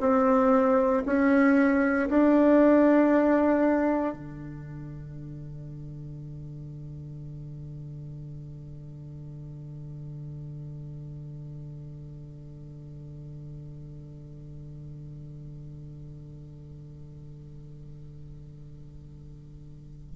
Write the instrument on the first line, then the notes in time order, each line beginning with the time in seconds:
bassoon
0.00 C4
1.05 C#4
2.09 D4
4.14 D3